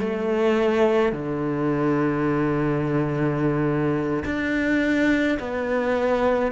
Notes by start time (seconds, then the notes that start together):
0.00 A3
1.12 D3
4.25 D4
5.39 B3